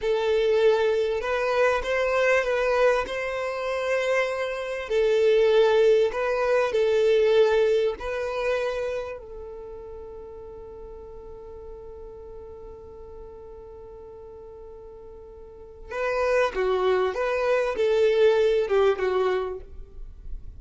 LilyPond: \new Staff \with { instrumentName = "violin" } { \time 4/4 \tempo 4 = 98 a'2 b'4 c''4 | b'4 c''2. | a'2 b'4 a'4~ | a'4 b'2 a'4~ |
a'1~ | a'1~ | a'2 b'4 fis'4 | b'4 a'4. g'8 fis'4 | }